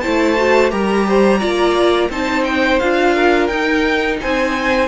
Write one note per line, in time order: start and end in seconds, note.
0.00 0.72 A3
0.00 0.37 E4
0.00 0.72 C5
0.00 0.70 A5
0.37 0.70 F#4
0.70 1.42 G3
0.70 1.40 G4
0.70 1.06 A#4
0.70 2.10 A#5
1.08 1.39 C5
1.39 2.09 A#3
1.39 2.10 F4
1.39 2.09 D5
2.09 2.79 C4
2.09 2.81 D#4
2.09 3.15 C5
2.09 2.44 A5
2.44 2.79 G5
2.79 3.49 D4
2.79 3.51 F4
2.79 3.47 F5
3.15 4.19 A#4
3.47 4.18 D#4
3.47 4.88 D#4
3.47 4.17 G5
4.21 4.88 C4
4.21 4.88 C5
4.21 4.88 G#5